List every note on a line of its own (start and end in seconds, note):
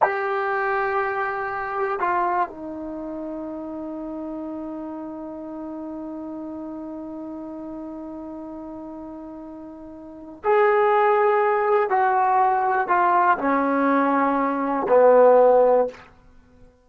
0.02 1.99 G4
1.99 2.49 F4
2.49 10.42 D#4
10.44 11.89 G#4
11.89 12.88 F#4
12.88 13.37 F4
13.37 14.86 C#4
14.88 15.87 B3